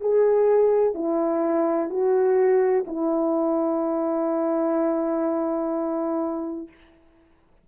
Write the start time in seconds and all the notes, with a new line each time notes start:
0.00 G#4
0.94 E4
1.89 F#4
2.87 E4